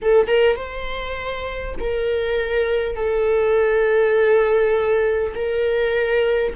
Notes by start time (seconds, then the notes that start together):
0.02 A4
0.27 A#4
0.56 C5
1.79 A#4
2.96 A4
5.34 A#4